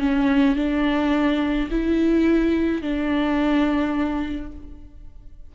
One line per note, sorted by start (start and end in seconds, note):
0.00 0.56 C#4
0.56 1.69 D4
1.71 2.83 E4
2.83 4.52 D4